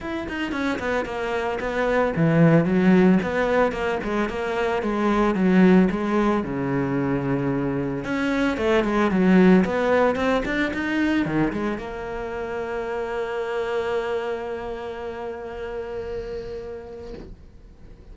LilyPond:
\new Staff \with { instrumentName = "cello" } { \time 4/4 \tempo 4 = 112 e'8 dis'8 cis'8 b8 ais4 b4 | e4 fis4 b4 ais8 gis8 | ais4 gis4 fis4 gis4 | cis2. cis'4 |
a8 gis8 fis4 b4 c'8 d'8 | dis'4 dis8 gis8 ais2~ | ais1~ | ais1 | }